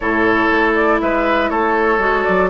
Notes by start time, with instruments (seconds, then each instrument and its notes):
0.00 bassoon A2, clarinet E4, oboe A4, flute C#5
0.51 bassoon A3
0.74 flute D5
1.00 bassoon G#3, oboe B4, flute E5
1.49 bassoon A3, oboe A4, flute C#5
1.98 bassoon G#3, clarinet F#4
2.24 bassoon F#3, flute D5